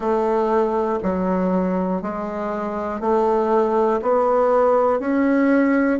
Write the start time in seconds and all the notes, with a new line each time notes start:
0.00 A3
1.03 F#3
2.01 G#3
3.00 A3
4.02 B3
5.00 C#4